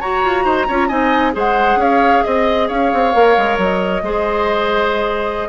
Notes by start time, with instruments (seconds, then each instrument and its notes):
0.00 bassoon F#4, clarinet F#4, oboe C#5, flute A#5
0.24 bassoon F4
0.44 bassoon D#4, oboe C5
0.68 bassoon C#4, clarinet F4, oboe C#5
0.88 bassoon C4, clarinet D#4, oboe D#5, flute G#5
1.32 bassoon G#3, clarinet G#4, oboe C5, flute F#5
1.76 bassoon C#4, oboe C#5
1.82 flute F5
2.23 bassoon C4, flute D#5, oboe D#5
2.68 bassoon C#4, oboe C#5, flute F5
2.93 bassoon C4
3.13 bassoon A#3, clarinet A#4
3.37 bassoon G#3
3.58 bassoon F#3, flute D#5
4.02 bassoon G#3, clarinet G#4, oboe C5